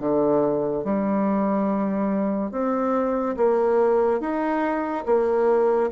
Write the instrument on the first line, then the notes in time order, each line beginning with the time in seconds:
bassoon
0.00 D3
0.85 G3
2.52 C4
3.37 A#3
4.21 D#4
5.06 A#3